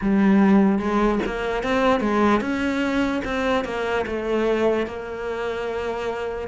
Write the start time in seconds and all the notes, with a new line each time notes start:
0.01 G3
0.79 G#3
1.26 A#3
1.63 C4
2.00 G#3
2.41 C#4
3.24 C4
3.64 A#3
4.06 A3
4.86 A#3